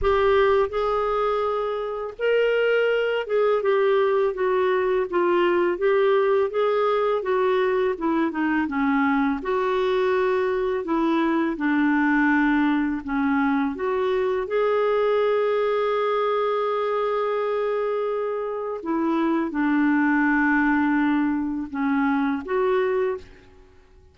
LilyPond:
\new Staff \with { instrumentName = "clarinet" } { \time 4/4 \tempo 4 = 83 g'4 gis'2 ais'4~ | ais'8 gis'8 g'4 fis'4 f'4 | g'4 gis'4 fis'4 e'8 dis'8 | cis'4 fis'2 e'4 |
d'2 cis'4 fis'4 | gis'1~ | gis'2 e'4 d'4~ | d'2 cis'4 fis'4 | }